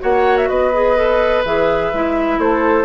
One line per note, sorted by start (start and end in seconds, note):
0.00 0.50 A#3
0.00 0.71 F#4
0.00 0.49 C#5
0.00 0.37 F#5
0.37 0.49 E5
0.49 1.45 B3
0.49 2.39 B4
0.49 1.44 D#5
0.73 0.96 G#4
0.96 1.44 A4
1.45 1.93 E3
1.45 1.93 G#4
1.45 2.40 E5
1.93 2.38 G#3
1.93 2.85 E4
2.38 2.85 A3
2.38 2.85 A4
2.38 2.85 C5